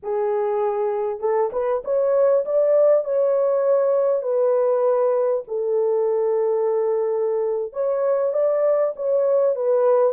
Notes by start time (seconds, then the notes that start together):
0.02 G#4
1.20 A4
1.52 B4
1.84 C#5
2.45 D5
3.04 C#5
4.22 B4
5.47 A4
7.72 C#5
8.33 D5
8.96 C#5
9.55 B4